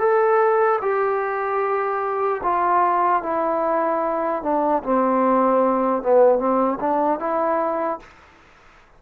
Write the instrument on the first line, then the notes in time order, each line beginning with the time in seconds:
trombone
0.00 A4
0.82 G4
2.44 F4
3.23 E4
4.43 D4
4.84 C4
6.03 B3
6.39 C4
6.80 D4
7.20 E4